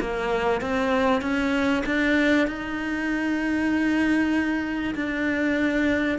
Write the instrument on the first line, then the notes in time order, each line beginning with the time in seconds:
cello
0.00 A#3
0.60 C4
1.21 C#4
1.85 D4
2.47 D#4
4.95 D4